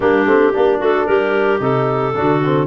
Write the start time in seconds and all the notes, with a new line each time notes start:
0.00 G3 A#3 D4 G4
0.25 A3 C4
0.53 A#3 D4 G4
0.78 A3 F#4 A4
1.05 G3 G4 A#4
1.60 C3 D#4 A4
2.14 D3 D4 F#4
2.44 C4